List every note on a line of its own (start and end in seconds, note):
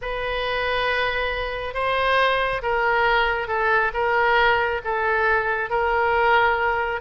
0.01 1.74 B4
1.74 2.61 C5
2.62 3.47 A#4
3.47 3.91 A4
3.93 4.81 A#4
4.84 5.70 A4
5.70 7.00 A#4